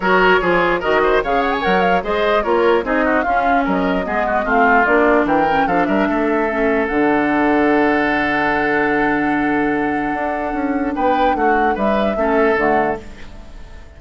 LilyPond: <<
  \new Staff \with { instrumentName = "flute" } { \time 4/4 \tempo 4 = 148 cis''2 dis''4 f''8 fis''16 gis''16 | fis''8 f''8 dis''4 cis''4 dis''4 | f''4 dis''2 f''4 | d''4 g''4 f''8 e''4.~ |
e''4 fis''2.~ | fis''1~ | fis''2. g''4 | fis''4 e''2 fis''4 | }
  \new Staff \with { instrumentName = "oboe" } { \time 4/4 ais'4 gis'4 ais'8 c''8 cis''4~ | cis''4 c''4 ais'4 gis'8 fis'8 | f'4 ais'4 gis'8 fis'8 f'4~ | f'4 ais'4 a'8 ais'8 a'4~ |
a'1~ | a'1~ | a'2. b'4 | fis'4 b'4 a'2 | }
  \new Staff \with { instrumentName = "clarinet" } { \time 4/4 fis'4 f'4 fis'4 gis'4 | ais'4 gis'4 f'4 dis'4 | cis'2 b4 c'4 | d'4. cis'8 d'2 |
cis'4 d'2.~ | d'1~ | d'1~ | d'2 cis'4 a4 | }
  \new Staff \with { instrumentName = "bassoon" } { \time 4/4 fis4 f4 dis4 cis4 | fis4 gis4 ais4 c'4 | cis'4 fis4 gis4 a4 | ais4 e4 f8 g8 a4~ |
a4 d2.~ | d1~ | d4 d'4 cis'4 b4 | a4 g4 a4 d4 | }
>>